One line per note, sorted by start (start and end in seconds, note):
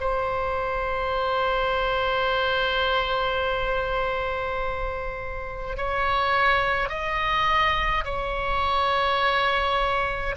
0.00 5.77 C5
5.77 6.89 C#5
6.89 8.04 D#5
8.04 10.35 C#5